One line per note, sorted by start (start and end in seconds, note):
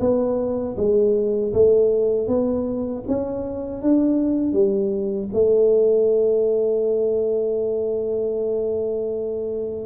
0.00 0.76 B3
0.77 1.53 G#3
1.53 2.28 A3
2.28 3.04 B3
3.08 3.82 C#4
3.82 4.53 D4
4.53 5.29 G3
5.33 9.86 A3